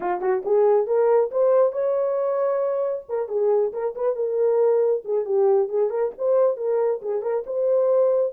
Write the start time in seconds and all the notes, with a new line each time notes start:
0.00 F4
0.21 F#4
0.45 G#4
0.86 A#4
1.31 C5
1.72 C#5
3.08 A#4
3.28 G#4
3.72 A#4
3.95 B4
4.15 A#4
5.05 G#4
5.25 G4
5.68 G#4
5.90 A#4
6.18 C5
6.57 A#4
7.02 G#4
7.22 A#4
7.46 C5